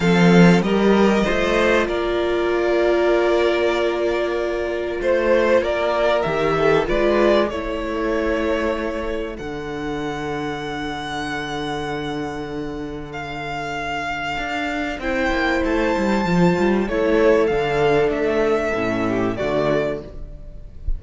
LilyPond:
<<
  \new Staff \with { instrumentName = "violin" } { \time 4/4 \tempo 4 = 96 f''4 dis''2 d''4~ | d''1 | c''4 d''4 e''4 d''4 | cis''2. fis''4~ |
fis''1~ | fis''4 f''2. | g''4 a''2 cis''4 | f''4 e''2 d''4 | }
  \new Staff \with { instrumentName = "violin" } { \time 4/4 a'4 ais'4 c''4 ais'4~ | ais'1 | c''4 ais'4. a'8 b'4 | a'1~ |
a'1~ | a'1 | c''2. a'4~ | a'2~ a'8 g'8 fis'4 | }
  \new Staff \with { instrumentName = "viola" } { \time 4/4 c'4 g'4 f'2~ | f'1~ | f'2 g'4 f'4 | e'2. d'4~ |
d'1~ | d'1 | e'2 f'4 e'4 | d'2 cis'4 a4 | }
  \new Staff \with { instrumentName = "cello" } { \time 4/4 f4 g4 a4 ais4~ | ais1 | a4 ais4 dis4 gis4 | a2. d4~ |
d1~ | d2. d'4 | c'8 ais8 a8 g8 f8 g8 a4 | d4 a4 a,4 d4 | }
>>